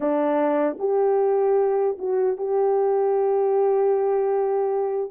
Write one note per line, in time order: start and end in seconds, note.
0.00 0.77 D4
0.79 1.97 G4
1.98 2.37 F#4
2.37 5.11 G4